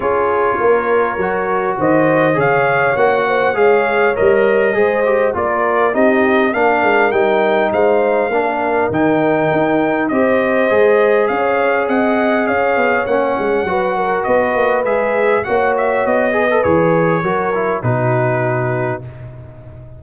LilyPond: <<
  \new Staff \with { instrumentName = "trumpet" } { \time 4/4 \tempo 4 = 101 cis''2. dis''4 | f''4 fis''4 f''4 dis''4~ | dis''4 d''4 dis''4 f''4 | g''4 f''2 g''4~ |
g''4 dis''2 f''4 | fis''4 f''4 fis''2 | dis''4 e''4 fis''8 e''8 dis''4 | cis''2 b'2 | }
  \new Staff \with { instrumentName = "horn" } { \time 4/4 gis'4 ais'2 c''4 | cis''4. c''8 cis''2 | c''4 ais'4 g'4 ais'4~ | ais'4 c''4 ais'2~ |
ais'4 c''2 cis''4 | dis''4 cis''2 b'8 ais'8 | b'2 cis''4. b'8~ | b'4 ais'4 fis'2 | }
  \new Staff \with { instrumentName = "trombone" } { \time 4/4 f'2 fis'2 | gis'4 fis'4 gis'4 ais'4 | gis'8 g'8 f'4 dis'4 d'4 | dis'2 d'4 dis'4~ |
dis'4 g'4 gis'2~ | gis'2 cis'4 fis'4~ | fis'4 gis'4 fis'4. gis'16 a'16 | gis'4 fis'8 e'8 dis'2 | }
  \new Staff \with { instrumentName = "tuba" } { \time 4/4 cis'4 ais4 fis4 dis4 | cis4 ais4 gis4 g4 | gis4 ais4 c'4 ais8 gis8 | g4 gis4 ais4 dis4 |
dis'4 c'4 gis4 cis'4 | c'4 cis'8 b8 ais8 gis8 fis4 | b8 ais8 gis4 ais4 b4 | e4 fis4 b,2 | }
>>